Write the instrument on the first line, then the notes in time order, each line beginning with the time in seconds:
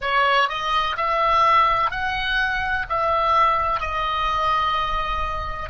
oboe
0.01 C#5
0.48 D#5
0.97 E5
1.90 F#5
2.89 E5
3.80 D#5